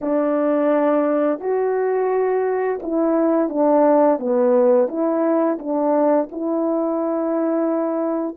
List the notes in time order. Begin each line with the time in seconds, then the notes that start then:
0.01 D4
1.40 F#4
2.82 E4
3.49 D4
4.19 B3
4.88 E4
5.58 D4
6.31 E4